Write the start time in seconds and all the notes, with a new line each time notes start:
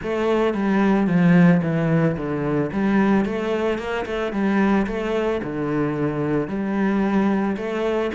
0.03 A3
0.54 G3
1.07 F3
1.62 E3
2.16 D3
2.72 G3
3.25 A3
3.78 A#3
4.05 A3
4.32 G3
4.86 A3
5.43 D3
6.48 G3
7.57 A3